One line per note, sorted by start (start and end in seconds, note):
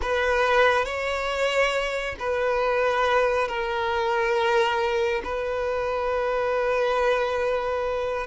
0.01 0.85 B4
0.85 2.15 C#5
2.19 3.48 B4
3.48 5.22 A#4
5.24 8.26 B4